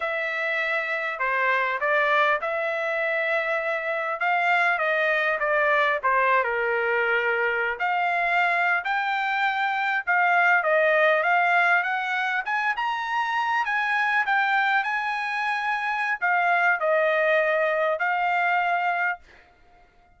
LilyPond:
\new Staff \with { instrumentName = "trumpet" } { \time 4/4 \tempo 4 = 100 e''2 c''4 d''4 | e''2. f''4 | dis''4 d''4 c''8. ais'4~ ais'16~ | ais'4 f''4.~ f''16 g''4~ g''16~ |
g''8. f''4 dis''4 f''4 fis''16~ | fis''8. gis''8 ais''4. gis''4 g''16~ | g''8. gis''2~ gis''16 f''4 | dis''2 f''2 | }